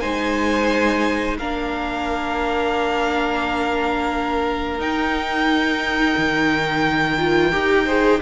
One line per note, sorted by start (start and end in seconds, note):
0.00 1.39 G#3
0.00 1.38 D#4
0.00 1.37 C5
0.00 1.36 G#5
1.38 4.79 A#3
1.38 4.79 D4
1.38 7.85 A#4
1.38 4.80 F5
4.79 6.15 D#4
4.79 7.17 D#4
4.79 8.21 G5
6.17 7.52 D#3
7.18 7.52 F4
7.52 8.20 D#4
7.52 7.86 G4
7.85 8.21 G#4
7.85 8.19 C5